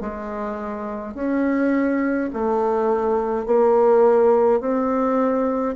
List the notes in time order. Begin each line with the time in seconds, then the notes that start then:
0.00 G#3
1.14 C#4
2.33 A3
3.46 A#3
4.60 C4